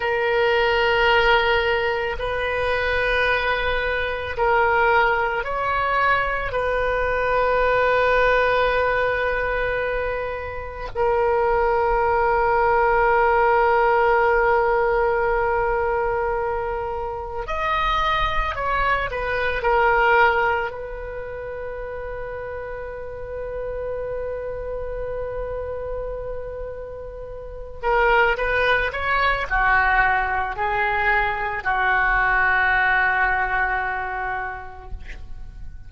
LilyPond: \new Staff \with { instrumentName = "oboe" } { \time 4/4 \tempo 4 = 55 ais'2 b'2 | ais'4 cis''4 b'2~ | b'2 ais'2~ | ais'1 |
dis''4 cis''8 b'8 ais'4 b'4~ | b'1~ | b'4. ais'8 b'8 cis''8 fis'4 | gis'4 fis'2. | }